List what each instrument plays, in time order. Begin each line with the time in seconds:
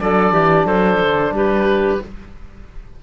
0.00 cello F#3, trombone D4, clarinet A4, oboe D5
0.33 cello E3, clarinet G4
0.65 cello F#3, clarinet A4, oboe C5
1.00 cello D3
1.32 cello G3, clarinet G4, oboe B4